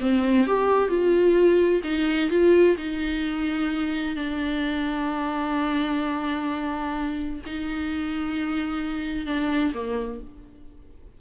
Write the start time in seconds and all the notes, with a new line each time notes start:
0.00 C4
0.47 G4
0.88 F4
1.84 D#4
2.30 F4
2.77 D#4
4.15 D4
7.46 D#4
9.26 D4
9.74 A#3